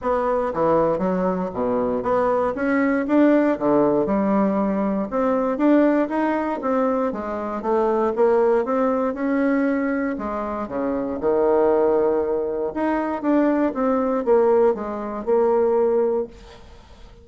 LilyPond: \new Staff \with { instrumentName = "bassoon" } { \time 4/4 \tempo 4 = 118 b4 e4 fis4 b,4 | b4 cis'4 d'4 d4 | g2 c'4 d'4 | dis'4 c'4 gis4 a4 |
ais4 c'4 cis'2 | gis4 cis4 dis2~ | dis4 dis'4 d'4 c'4 | ais4 gis4 ais2 | }